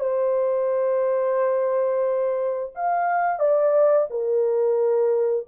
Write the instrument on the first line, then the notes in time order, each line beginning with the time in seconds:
horn
0.00 C5
2.75 F5
3.39 D5
4.10 A#4